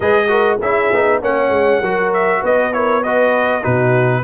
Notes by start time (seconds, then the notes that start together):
0.00 G#3 G#4 B4 D#5
0.28 F#4 A#4
0.60 C#4 E4 G#4 E5
0.92 B3 D#4
1.21 A#3 C#4 C#5 F#5
1.49 G#3
1.81 F#3 F#4 A#4
2.13 E5
2.41 B3 B4 D#5
2.72 E4 A#4 C#5
3.03 F#4 B4 D#5
3.61 B2 D#4 F#4 B4